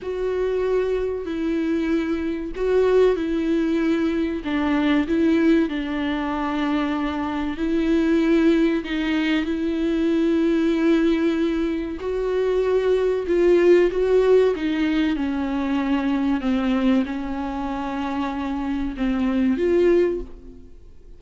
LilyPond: \new Staff \with { instrumentName = "viola" } { \time 4/4 \tempo 4 = 95 fis'2 e'2 | fis'4 e'2 d'4 | e'4 d'2. | e'2 dis'4 e'4~ |
e'2. fis'4~ | fis'4 f'4 fis'4 dis'4 | cis'2 c'4 cis'4~ | cis'2 c'4 f'4 | }